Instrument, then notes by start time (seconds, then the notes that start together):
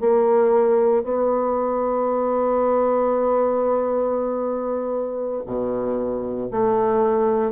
bassoon
0.00 A#3
1.03 B3
5.46 B2
6.51 A3